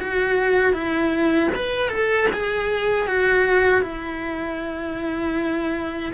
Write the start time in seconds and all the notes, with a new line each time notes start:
0.00 F#4
0.73 E4
1.56 B4
1.89 A4
2.33 G#4
3.07 F#4
3.82 E4